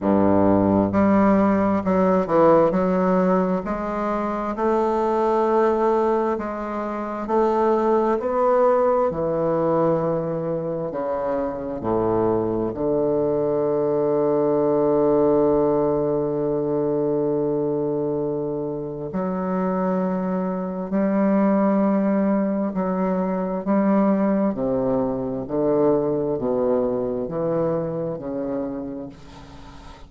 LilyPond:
\new Staff \with { instrumentName = "bassoon" } { \time 4/4 \tempo 4 = 66 g,4 g4 fis8 e8 fis4 | gis4 a2 gis4 | a4 b4 e2 | cis4 a,4 d2~ |
d1~ | d4 fis2 g4~ | g4 fis4 g4 c4 | d4 b,4 e4 cis4 | }